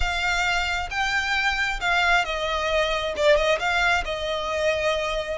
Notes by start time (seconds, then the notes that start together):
0.00 F5
0.90 G5
1.80 F5
2.24 D#5
3.16 D5
3.36 D#5
3.59 F5
4.04 D#5